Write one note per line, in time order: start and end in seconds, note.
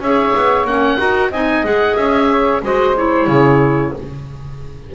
0.00 0.33 C#4
0.00 0.67 G#4
0.00 0.97 C#5
0.00 0.67 E5
0.36 0.64 B3
0.64 0.97 A#3
0.64 0.97 C#4
0.64 1.32 F#5
0.97 1.31 D#4
0.97 1.30 F#4
0.97 1.30 A#4
1.30 1.63 C4
1.30 1.64 D#4
1.30 2.28 D#5
1.30 1.65 G#5
1.64 1.96 G#3
1.64 2.62 G#4
1.64 1.96 F#5
1.96 2.61 C#4
1.96 2.61 E5
2.30 2.62 C#5
2.62 3.27 G#3
2.62 2.96 F#4
2.62 3.29 C5
2.62 2.97 D#5
2.96 3.94 E4
2.96 3.94 C#5
3.27 3.92 C#3
3.27 3.94 G#4